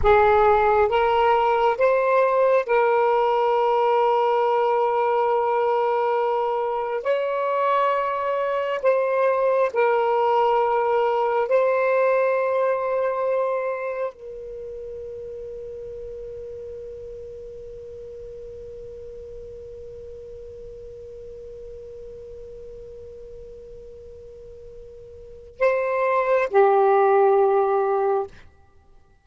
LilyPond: \new Staff \with { instrumentName = "saxophone" } { \time 4/4 \tempo 4 = 68 gis'4 ais'4 c''4 ais'4~ | ais'1 | cis''2 c''4 ais'4~ | ais'4 c''2. |
ais'1~ | ais'1~ | ais'1~ | ais'4 c''4 g'2 | }